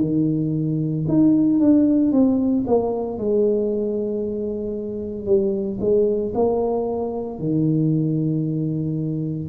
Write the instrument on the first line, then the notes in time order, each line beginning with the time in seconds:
tuba
0.00 D#3
1.08 D#4
1.59 D4
2.11 C4
2.67 A#3
3.18 G#3
5.25 G3
5.80 G#3
6.34 A#3
7.39 D#3